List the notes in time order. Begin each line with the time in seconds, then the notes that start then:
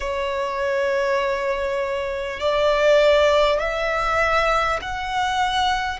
0.00 C#5
2.39 D5
3.59 E5
4.81 F#5